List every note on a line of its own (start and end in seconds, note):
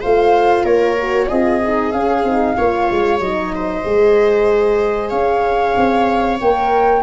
0.00 0.64 A3
0.00 0.98 F4
0.00 0.63 C5
0.00 0.65 F5
0.63 1.27 A#3
0.63 1.27 A#4
0.63 1.28 C#5
0.99 1.30 F#4
1.28 1.92 C4
1.28 1.62 F4
1.28 2.56 G#4
1.28 1.91 D#5
1.64 1.92 D#4
1.91 2.24 C#4
1.91 2.23 C#4
1.91 3.19 F5
2.23 2.55 C4
2.23 2.56 D#4
2.56 2.90 A#3
2.56 3.20 F4
2.56 3.53 C#5
2.91 3.20 G#3
3.20 3.84 F#3
3.20 3.84 D#4
3.20 5.10 D#5
3.55 5.10 C5
3.84 5.11 G#3
3.84 6.39 G#4
5.10 5.75 C#4
5.10 7.01 C#5
5.10 6.37 F5
5.77 6.40 C4
6.40 7.02 A#3
6.40 7.02 A#4
6.40 7.02 G5